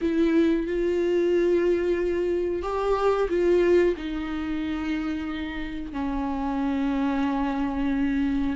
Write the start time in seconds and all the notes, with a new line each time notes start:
0.01 E4
0.66 F4
2.62 G4
3.29 F4
3.96 D#4
5.92 C#4